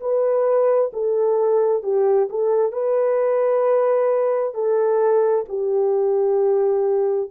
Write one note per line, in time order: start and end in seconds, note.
0.00 0.91 B4
0.93 1.83 A4
1.83 2.29 G4
2.30 2.72 A4
2.72 4.54 B4
4.54 5.45 A4
5.48 7.30 G4